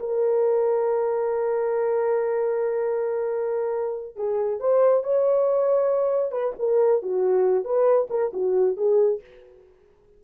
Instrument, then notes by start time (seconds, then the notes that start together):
horn
0.00 A#4
4.16 G#4
4.60 C5
5.04 C#5
6.32 B4
6.59 A#4
7.03 F#4
7.65 B4
8.10 A#4
8.34 F#4
8.77 G#4